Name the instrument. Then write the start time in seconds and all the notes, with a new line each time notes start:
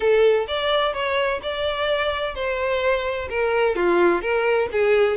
violin
0.00 A4
0.47 D5
0.93 C#5
1.42 D5
2.34 C5
3.29 A#4
3.75 F4
4.21 A#4
4.72 G#4